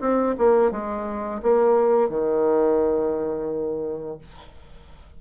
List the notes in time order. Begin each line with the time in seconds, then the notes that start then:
0.00 C4
0.38 A#3
0.71 G#3
1.42 A#3
2.09 D#3